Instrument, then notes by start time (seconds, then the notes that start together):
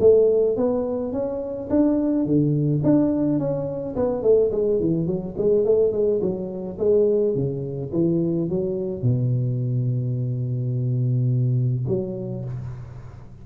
tuba
0.00 A3
0.57 B3
1.12 C#4
1.70 D4
2.25 D3
2.83 D4
3.39 C#4
3.96 B3
4.23 A3
4.51 G#3
4.80 E3
5.07 F#3
5.37 G#3
5.65 A3
5.92 G#3
6.21 F#3
6.79 G#3
7.35 C#3
7.93 E3
8.50 F#3
9.02 B2
11.88 F#3